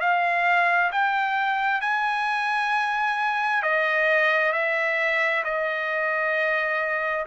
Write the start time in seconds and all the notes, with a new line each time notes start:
0.00 F5
0.92 G5
1.81 G#5
3.62 D#5
4.52 E5
5.44 D#5